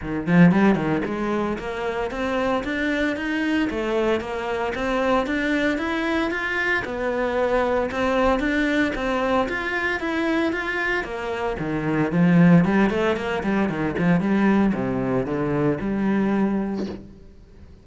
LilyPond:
\new Staff \with { instrumentName = "cello" } { \time 4/4 \tempo 4 = 114 dis8 f8 g8 dis8 gis4 ais4 | c'4 d'4 dis'4 a4 | ais4 c'4 d'4 e'4 | f'4 b2 c'4 |
d'4 c'4 f'4 e'4 | f'4 ais4 dis4 f4 | g8 a8 ais8 g8 dis8 f8 g4 | c4 d4 g2 | }